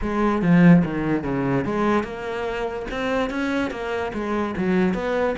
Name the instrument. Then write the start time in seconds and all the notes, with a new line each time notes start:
cello
0.01 G#3
0.42 F3
0.84 D#3
1.23 C#3
1.64 G#3
2.03 A#3
2.91 C4
3.30 C#4
3.70 A#3
4.13 G#3
4.57 F#3
4.94 B3